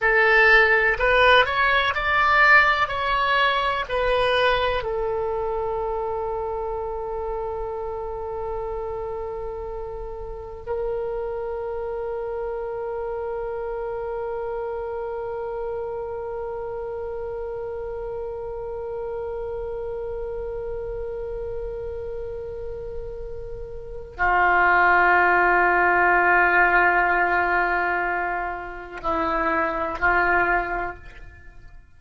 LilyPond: \new Staff \with { instrumentName = "oboe" } { \time 4/4 \tempo 4 = 62 a'4 b'8 cis''8 d''4 cis''4 | b'4 a'2.~ | a'2. ais'4~ | ais'1~ |
ais'1~ | ais'1~ | ais'4 f'2.~ | f'2 e'4 f'4 | }